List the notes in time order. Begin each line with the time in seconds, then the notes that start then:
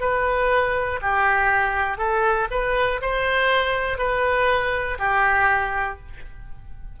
0.00 B4
1.01 G4
1.97 A4
2.50 B4
3.01 C5
3.98 B4
4.99 G4